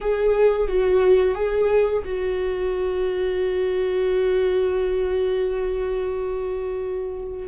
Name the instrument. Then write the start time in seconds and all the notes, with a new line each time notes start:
viola
0.01 G#4
0.68 F#4
1.34 G#4
2.04 F#4